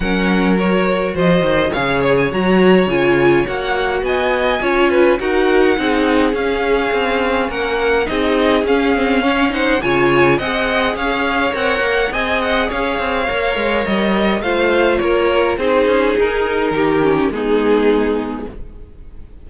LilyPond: <<
  \new Staff \with { instrumentName = "violin" } { \time 4/4 \tempo 4 = 104 fis''4 cis''4 dis''4 f''8 cis''16 gis''16 | ais''4 gis''4 fis''4 gis''4~ | gis''4 fis''2 f''4~ | f''4 fis''4 dis''4 f''4~ |
f''8 fis''8 gis''4 fis''4 f''4 | fis''4 gis''8 fis''8 f''2 | dis''4 f''4 cis''4 c''4 | ais'2 gis'2 | }
  \new Staff \with { instrumentName = "violin" } { \time 4/4 ais'2 c''4 cis''4~ | cis''2. dis''4 | cis''8 b'8 ais'4 gis'2~ | gis'4 ais'4 gis'2 |
cis''8 c''8 cis''4 dis''4 cis''4~ | cis''4 dis''4 cis''2~ | cis''4 c''4 ais'4 gis'4~ | gis'4 g'4 dis'2 | }
  \new Staff \with { instrumentName = "viola" } { \time 4/4 cis'4 fis'2 gis'4 | fis'4 f'4 fis'2 | f'4 fis'4 dis'4 cis'4~ | cis'2 dis'4 cis'8 c'8 |
cis'8 dis'8 f'4 gis'2 | ais'4 gis'2 ais'4~ | ais'4 f'2 dis'4~ | dis'4. cis'8 b2 | }
  \new Staff \with { instrumentName = "cello" } { \time 4/4 fis2 f8 dis8 cis4 | fis4 cis4 ais4 b4 | cis'4 dis'4 c'4 cis'4 | c'4 ais4 c'4 cis'4~ |
cis'4 cis4 c'4 cis'4 | c'8 ais8 c'4 cis'8 c'8 ais8 gis8 | g4 a4 ais4 c'8 cis'8 | dis'4 dis4 gis2 | }
>>